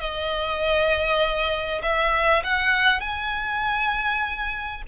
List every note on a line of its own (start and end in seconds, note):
0.00 1.82 D#5
1.83 2.43 E5
2.44 3.01 F#5
3.01 4.83 G#5